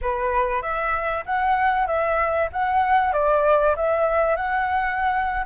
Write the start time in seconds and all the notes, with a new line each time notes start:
0.01 B4
0.61 E5
1.25 F#5
1.86 E5
2.52 F#5
3.12 D5
3.76 E5
4.36 F#5